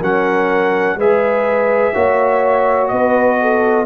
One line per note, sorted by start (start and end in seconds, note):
0.00 0.96 F#3
0.00 1.00 C#4
0.00 0.97 A#4
0.00 1.00 F#5
0.96 1.93 G#3
0.96 1.94 G#4
0.96 1.95 B4
0.96 2.89 E5
1.94 2.92 A#3
1.94 3.86 F#4
1.94 2.92 C#5
2.89 3.86 B3
2.89 3.40 B4
2.89 3.85 D#5
3.42 3.86 A4